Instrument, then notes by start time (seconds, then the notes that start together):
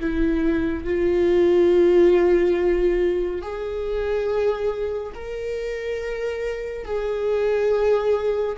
viola
0.00 E4
0.85 F4
3.42 G#4
5.15 A#4
6.85 G#4